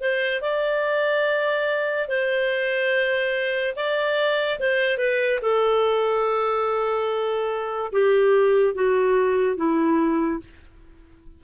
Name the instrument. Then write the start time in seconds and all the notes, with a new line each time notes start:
clarinet
0.00 C5
0.41 D5
2.08 C5
3.75 D5
4.59 C5
4.98 B4
5.41 A4
7.92 G4
8.74 F#4
9.56 E4